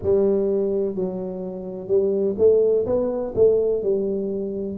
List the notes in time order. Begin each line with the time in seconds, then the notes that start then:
0.02 G3
0.95 F#3
1.87 G3
2.38 A3
2.86 B3
3.35 A3
3.82 G3